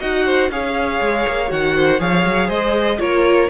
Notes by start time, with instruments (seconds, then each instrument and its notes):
0.00 cello D#4, viola F#4, violin D#5 F#5
0.26 violin C5
0.50 cello C#4, viola G#4, violin C#5 F5
1.01 cello G#3
1.28 cello A#3
1.49 cello D#3, viola F#4, violin F#5
1.76 violin C5
1.99 cello F3, viola G#4, violin C#5 F5
2.26 cello F#3
2.48 cello G#3, violin C5 D#5
2.99 cello A#3, viola F4, violin A#4 C#5